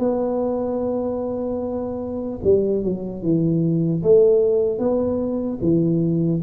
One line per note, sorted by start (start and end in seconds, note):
0.00 2.40 B3
2.44 2.84 G3
2.84 3.23 F#3
3.23 4.03 E3
4.03 4.79 A3
4.79 5.59 B3
5.62 6.42 E3